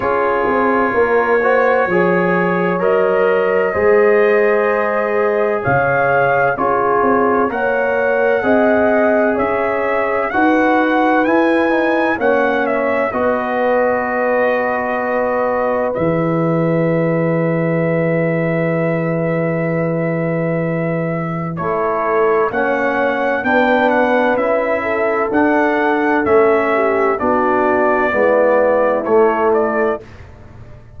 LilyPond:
<<
  \new Staff \with { instrumentName = "trumpet" } { \time 4/4 \tempo 4 = 64 cis''2. dis''4~ | dis''2 f''4 cis''4 | fis''2 e''4 fis''4 | gis''4 fis''8 e''8 dis''2~ |
dis''4 e''2.~ | e''2. cis''4 | fis''4 g''8 fis''8 e''4 fis''4 | e''4 d''2 cis''8 d''8 | }
  \new Staff \with { instrumentName = "horn" } { \time 4/4 gis'4 ais'8 c''8 cis''2 | c''2 cis''4 gis'4 | cis''4 dis''4 cis''4 b'4~ | b'4 cis''4 b'2~ |
b'1~ | b'2. a'4 | cis''4 b'4. a'4.~ | a'8 g'8 fis'4 e'2 | }
  \new Staff \with { instrumentName = "trombone" } { \time 4/4 f'4. fis'8 gis'4 ais'4 | gis'2. f'4 | ais'4 gis'2 fis'4 | e'8 dis'8 cis'4 fis'2~ |
fis'4 gis'2.~ | gis'2. e'4 | cis'4 d'4 e'4 d'4 | cis'4 d'4 b4 a4 | }
  \new Staff \with { instrumentName = "tuba" } { \time 4/4 cis'8 c'8 ais4 f4 fis4 | gis2 cis4 cis'8 c'8 | ais4 c'4 cis'4 dis'4 | e'4 ais4 b2~ |
b4 e2.~ | e2. a4 | ais4 b4 cis'4 d'4 | a4 b4 gis4 a4 | }
>>